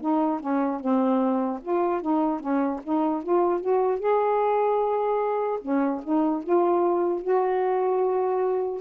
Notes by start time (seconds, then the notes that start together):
0.00 D#4
0.40 C#4
0.80 C4
1.61 F4
2.01 D#4
2.40 C#4
2.83 D#4
3.23 F4
3.60 F#4
3.99 G#4
5.61 C#4
6.03 D#4
6.43 F4
7.21 F#4